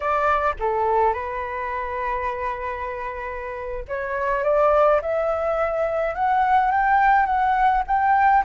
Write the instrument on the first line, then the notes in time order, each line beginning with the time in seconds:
flute
0.00 D5
0.59 A4
1.13 B4
3.88 C#5
4.43 D5
5.01 E5
6.14 F#5
6.71 G5
7.26 F#5
7.87 G5